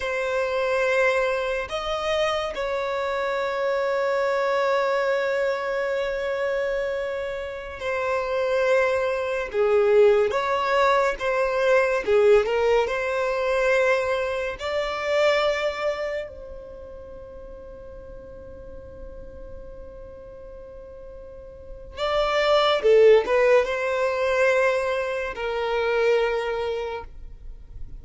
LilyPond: \new Staff \with { instrumentName = "violin" } { \time 4/4 \tempo 4 = 71 c''2 dis''4 cis''4~ | cis''1~ | cis''4~ cis''16 c''2 gis'8.~ | gis'16 cis''4 c''4 gis'8 ais'8 c''8.~ |
c''4~ c''16 d''2 c''8.~ | c''1~ | c''2 d''4 a'8 b'8 | c''2 ais'2 | }